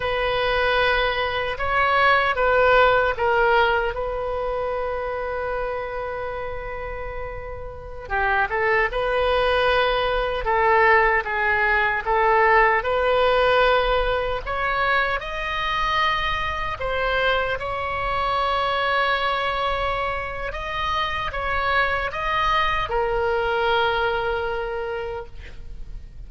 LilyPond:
\new Staff \with { instrumentName = "oboe" } { \time 4/4 \tempo 4 = 76 b'2 cis''4 b'4 | ais'4 b'2.~ | b'2~ b'16 g'8 a'8 b'8.~ | b'4~ b'16 a'4 gis'4 a'8.~ |
a'16 b'2 cis''4 dis''8.~ | dis''4~ dis''16 c''4 cis''4.~ cis''16~ | cis''2 dis''4 cis''4 | dis''4 ais'2. | }